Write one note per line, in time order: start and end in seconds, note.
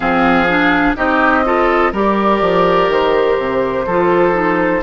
0.00 0.96 F3
0.00 0.47 C4
0.00 0.96 G#4
0.00 0.94 F5
0.48 0.95 D4
0.95 1.93 C4
0.95 1.44 D#4
0.95 1.44 G4
0.95 1.93 D#5
1.44 1.92 F4
1.44 1.92 A4
1.92 2.41 G3
1.92 3.87 G4
1.92 3.85 A#4
1.92 2.91 D5
2.41 2.88 F3
2.88 3.37 D#3
2.88 4.82 C5
3.37 3.86 C3
3.86 4.82 F3
3.86 4.32 F4
3.86 4.82 A4
4.32 4.80 D#4